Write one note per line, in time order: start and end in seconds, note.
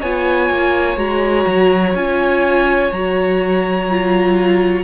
0.00 0.50 B3
0.00 0.96 F4
0.00 4.84 C#5
0.00 0.98 G#5
0.50 0.97 A#3
0.96 1.45 G#3
0.96 1.93 F#4
0.96 1.95 A#5
1.46 1.94 F#3
1.94 2.91 C#4
1.94 2.92 F4
1.94 2.92 G#5
2.91 4.84 F#3
2.91 3.90 F#4
2.91 4.84 A#5
3.90 4.84 F4